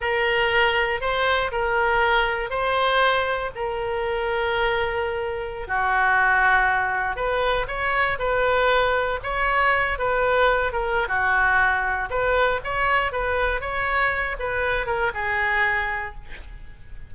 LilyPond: \new Staff \with { instrumentName = "oboe" } { \time 4/4 \tempo 4 = 119 ais'2 c''4 ais'4~ | ais'4 c''2 ais'4~ | ais'2.~ ais'16 fis'8.~ | fis'2~ fis'16 b'4 cis''8.~ |
cis''16 b'2 cis''4. b'16~ | b'4~ b'16 ais'8. fis'2 | b'4 cis''4 b'4 cis''4~ | cis''8 b'4 ais'8 gis'2 | }